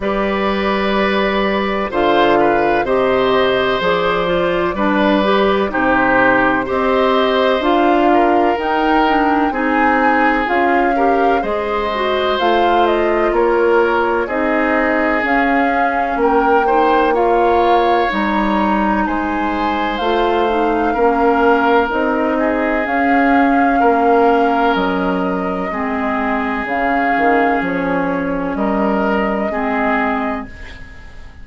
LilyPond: <<
  \new Staff \with { instrumentName = "flute" } { \time 4/4 \tempo 4 = 63 d''2 f''4 dis''4 | d''2 c''4 dis''4 | f''4 g''4 gis''4 f''4 | dis''4 f''8 dis''8 cis''4 dis''4 |
f''4 g''4 f''4 ais''4 | gis''4 f''2 dis''4 | f''2 dis''2 | f''4 cis''4 dis''2 | }
  \new Staff \with { instrumentName = "oboe" } { \time 4/4 b'2 c''8 b'8 c''4~ | c''4 b'4 g'4 c''4~ | c''8 ais'4. gis'4. ais'8 | c''2 ais'4 gis'4~ |
gis'4 ais'8 c''8 cis''2 | c''2 ais'4. gis'8~ | gis'4 ais'2 gis'4~ | gis'2 ais'4 gis'4 | }
  \new Staff \with { instrumentName = "clarinet" } { \time 4/4 g'2 f'4 g'4 | gis'8 f'8 d'8 g'8 dis'4 g'4 | f'4 dis'8 d'8 dis'4 f'8 g'8 | gis'8 fis'8 f'2 dis'4 |
cis'4. dis'8 f'4 dis'4~ | dis'4 f'8 dis'8 cis'4 dis'4 | cis'2. c'4 | cis'2. c'4 | }
  \new Staff \with { instrumentName = "bassoon" } { \time 4/4 g2 d4 c4 | f4 g4 c4 c'4 | d'4 dis'4 c'4 cis'4 | gis4 a4 ais4 c'4 |
cis'4 ais2 g4 | gis4 a4 ais4 c'4 | cis'4 ais4 fis4 gis4 | cis8 dis8 f4 g4 gis4 | }
>>